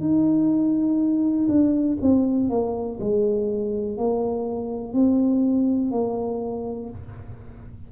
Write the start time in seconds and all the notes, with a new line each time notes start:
0.00 D#4
1.48 D4
2.02 C4
2.49 A#3
3.00 G#3
3.97 A#3
4.93 C4
5.91 A#3